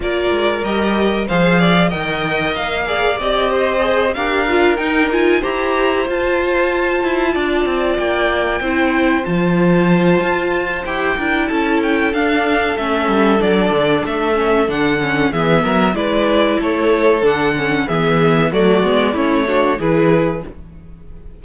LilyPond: <<
  \new Staff \with { instrumentName = "violin" } { \time 4/4 \tempo 4 = 94 d''4 dis''4 f''4 g''4 | f''4 dis''4. f''4 g''8 | gis''8 ais''4 a''2~ a''8~ | a''8 g''2 a''4.~ |
a''4 g''4 a''8 g''8 f''4 | e''4 d''4 e''4 fis''4 | e''4 d''4 cis''4 fis''4 | e''4 d''4 cis''4 b'4 | }
  \new Staff \with { instrumentName = "violin" } { \time 4/4 ais'2 c''8 d''8 dis''4~ | dis''8 d''4 c''4 ais'4.~ | ais'8 c''2. d''8~ | d''4. c''2~ c''8~ |
c''4. ais'8 a'2~ | a'1 | gis'8 ais'8 b'4 a'2 | gis'4 fis'4 e'8 fis'8 gis'4 | }
  \new Staff \with { instrumentName = "viola" } { \time 4/4 f'4 g'4 gis'4 ais'4~ | ais'8 gis'8 g'4 gis'8 g'8 f'8 dis'8 | f'8 g'4 f'2~ f'8~ | f'4. e'4 f'4.~ |
f'4 g'8 e'4. d'4 | cis'4 d'4. cis'8 d'8 cis'8 | b4 e'2 d'8 cis'8 | b4 a8 b8 cis'8 d'8 e'4 | }
  \new Staff \with { instrumentName = "cello" } { \time 4/4 ais8 gis8 g4 f4 dis4 | ais4 c'4. d'4 dis'8~ | dis'8 e'4 f'4. e'8 d'8 | c'8 ais4 c'4 f4. |
f'4 e'8 d'8 cis'4 d'4 | a8 g8 fis8 d8 a4 d4 | e8 fis8 gis4 a4 d4 | e4 fis8 gis8 a4 e4 | }
>>